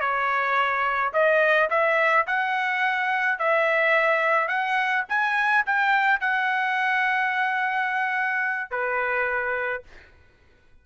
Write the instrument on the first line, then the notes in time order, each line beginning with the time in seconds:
trumpet
0.00 C#5
1.13 D#5
1.69 E5
2.26 F#5
3.38 E5
4.48 F#5
5.08 G#5
5.66 G5
6.20 F#5
8.70 B4